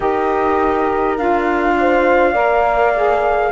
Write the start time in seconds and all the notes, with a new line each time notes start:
0.00 D#4 G4 A#4 D#5
1.17 D4 F4 F5
1.79 C5
2.32 A#3 A#4 D5
2.95 G#4